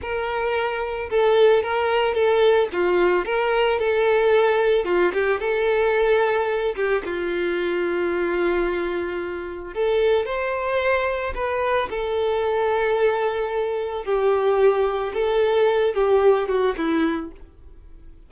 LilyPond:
\new Staff \with { instrumentName = "violin" } { \time 4/4 \tempo 4 = 111 ais'2 a'4 ais'4 | a'4 f'4 ais'4 a'4~ | a'4 f'8 g'8 a'2~ | a'8 g'8 f'2.~ |
f'2 a'4 c''4~ | c''4 b'4 a'2~ | a'2 g'2 | a'4. g'4 fis'8 e'4 | }